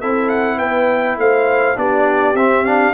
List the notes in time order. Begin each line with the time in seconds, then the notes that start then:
0.00 C4 E4 A4 E5
0.29 F#5
0.57 B3 B4 G5
1.17 A3 C5 F5
1.76 B3 D4 G4 D5
2.34 C4 E5
2.65 D4 F5